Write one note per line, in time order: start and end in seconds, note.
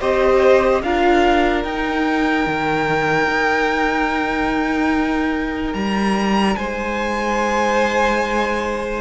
0.00 0.82 C4
0.00 0.83 G4
0.00 0.82 C5
0.00 0.82 D#5
0.82 1.64 D4
0.82 1.65 F4
0.82 6.57 A#4
0.82 1.64 F5
1.64 2.46 D#4
1.64 9.01 D#4
1.64 5.74 G5
2.46 3.27 D#3
3.27 5.74 D#4
5.74 6.56 G3
5.74 6.56 A#5
6.56 9.01 G#3
6.56 9.01 C5
6.56 9.01 G#5